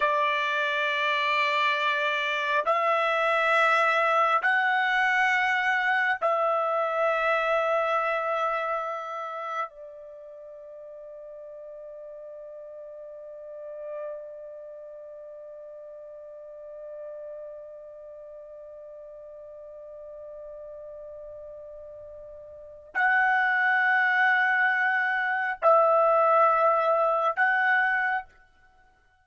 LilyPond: \new Staff \with { instrumentName = "trumpet" } { \time 4/4 \tempo 4 = 68 d''2. e''4~ | e''4 fis''2 e''4~ | e''2. d''4~ | d''1~ |
d''1~ | d''1~ | d''2 fis''2~ | fis''4 e''2 fis''4 | }